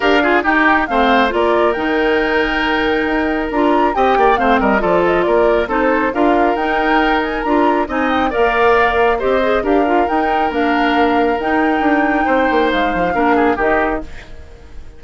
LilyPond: <<
  \new Staff \with { instrumentName = "flute" } { \time 4/4 \tempo 4 = 137 f''4 g''4 f''4 d''4 | g''1 | ais''4 g''4 f''8 dis''8 d''8 dis''8 | d''4 c''4 f''4 g''4~ |
g''8 gis''8 ais''4 gis''8 g''8 f''4~ | f''4 dis''4 f''4 g''4 | f''2 g''2~ | g''4 f''2 dis''4 | }
  \new Staff \with { instrumentName = "oboe" } { \time 4/4 ais'8 gis'8 g'4 c''4 ais'4~ | ais'1~ | ais'4 dis''8 d''8 c''8 ais'8 a'4 | ais'4 a'4 ais'2~ |
ais'2 dis''4 d''4~ | d''4 c''4 ais'2~ | ais'1 | c''2 ais'8 gis'8 g'4 | }
  \new Staff \with { instrumentName = "clarinet" } { \time 4/4 g'8 f'8 dis'4 c'4 f'4 | dis'1 | f'4 g'4 c'4 f'4~ | f'4 dis'4 f'4 dis'4~ |
dis'4 f'4 dis'4 ais'4~ | ais'4 g'8 gis'8 g'8 f'8 dis'4 | d'2 dis'2~ | dis'2 d'4 dis'4 | }
  \new Staff \with { instrumentName = "bassoon" } { \time 4/4 d'4 dis'4 a4 ais4 | dis2. dis'4 | d'4 c'8 ais8 a8 g8 f4 | ais4 c'4 d'4 dis'4~ |
dis'4 d'4 c'4 ais4~ | ais4 c'4 d'4 dis'4 | ais2 dis'4 d'4 | c'8 ais8 gis8 f8 ais4 dis4 | }
>>